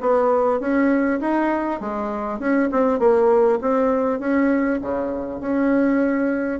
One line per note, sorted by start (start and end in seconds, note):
0.00 0.59 B3
0.59 1.19 C#4
1.20 1.80 D#4
1.80 2.39 G#3
2.39 2.69 C#4
2.71 2.99 C4
2.99 3.59 A#3
3.61 4.19 C4
4.19 4.79 C#4
4.81 5.40 C#3
5.40 6.60 C#4